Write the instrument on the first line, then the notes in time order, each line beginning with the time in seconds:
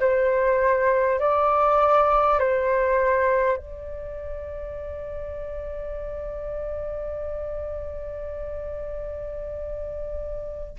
flute
0.00 C5
1.19 D5
2.39 C5
3.57 D5